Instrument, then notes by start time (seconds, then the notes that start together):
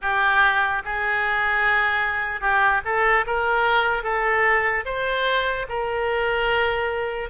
oboe
0.01 G4
0.84 G#4
2.40 G4
2.85 A4
3.26 A#4
4.03 A4
4.85 C5
5.68 A#4